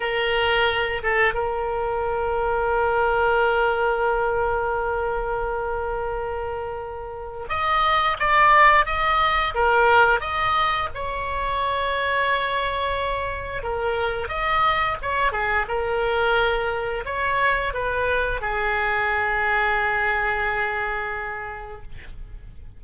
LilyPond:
\new Staff \with { instrumentName = "oboe" } { \time 4/4 \tempo 4 = 88 ais'4. a'8 ais'2~ | ais'1~ | ais'2. dis''4 | d''4 dis''4 ais'4 dis''4 |
cis''1 | ais'4 dis''4 cis''8 gis'8 ais'4~ | ais'4 cis''4 b'4 gis'4~ | gis'1 | }